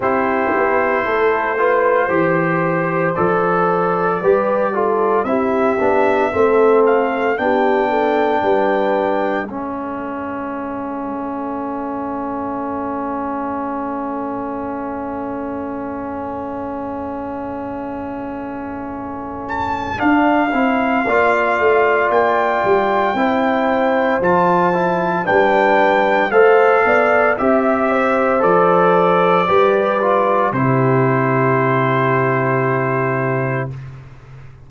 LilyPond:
<<
  \new Staff \with { instrumentName = "trumpet" } { \time 4/4 \tempo 4 = 57 c''2. d''4~ | d''4 e''4. f''8 g''4~ | g''4 e''2.~ | e''1~ |
e''2~ e''8 a''8 f''4~ | f''4 g''2 a''4 | g''4 f''4 e''4 d''4~ | d''4 c''2. | }
  \new Staff \with { instrumentName = "horn" } { \time 4/4 g'4 a'8 b'8 c''2 | b'8 a'8 g'4 a'4 g'8 a'8 | b'4 a'2.~ | a'1~ |
a'1 | d''2 c''2 | b'4 c''8 d''8 e''8 c''4. | b'4 g'2. | }
  \new Staff \with { instrumentName = "trombone" } { \time 4/4 e'4. f'8 g'4 a'4 | g'8 f'8 e'8 d'8 c'4 d'4~ | d'4 cis'2.~ | cis'1~ |
cis'2. d'8 e'8 | f'2 e'4 f'8 e'8 | d'4 a'4 g'4 a'4 | g'8 f'8 e'2. | }
  \new Staff \with { instrumentName = "tuba" } { \time 4/4 c'8 b8 a4 e4 f4 | g4 c'8 b8 a4 b4 | g4 a2.~ | a1~ |
a2. d'8 c'8 | ais8 a8 ais8 g8 c'4 f4 | g4 a8 b8 c'4 f4 | g4 c2. | }
>>